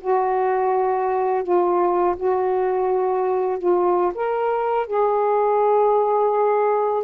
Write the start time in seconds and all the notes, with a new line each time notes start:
0.00 F#4
1.43 F4
2.16 F#4
3.58 F4
4.14 A#4
4.86 G#4